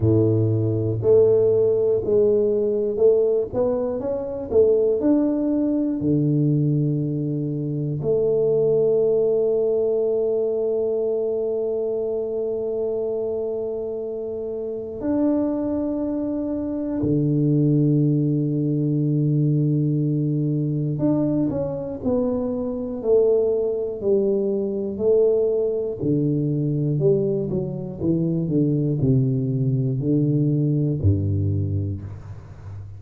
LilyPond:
\new Staff \with { instrumentName = "tuba" } { \time 4/4 \tempo 4 = 60 a,4 a4 gis4 a8 b8 | cis'8 a8 d'4 d2 | a1~ | a2. d'4~ |
d'4 d2.~ | d4 d'8 cis'8 b4 a4 | g4 a4 d4 g8 fis8 | e8 d8 c4 d4 g,4 | }